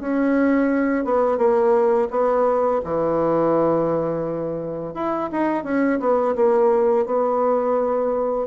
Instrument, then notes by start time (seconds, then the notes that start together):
bassoon
0.00 C#4
1.04 B3
1.37 A#3
2.10 B3
2.84 E3
4.94 E4
5.31 D#4
5.63 C#4
5.99 B3
6.35 A#3
7.06 B3